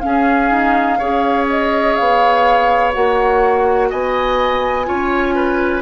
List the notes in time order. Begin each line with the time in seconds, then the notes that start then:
0.00 C#4 G#4 F5
0.51 D#4
0.99 C#4 G#4 C#5
1.50 D#5
1.95 B3 F5
2.92 A#3 F#4 F#5
3.90 B3 D#5 G#5
4.85 C#4 F4 C#5
5.35 B4